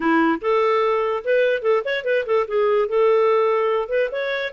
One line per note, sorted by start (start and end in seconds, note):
0.00 0.39 E4
0.41 1.23 A4
1.24 1.62 B4
1.62 1.82 A4
1.85 2.04 C#5
2.04 2.25 B4
2.26 2.46 A4
2.47 2.88 G#4
2.88 3.89 A4
3.89 4.09 B4
4.11 4.52 C#5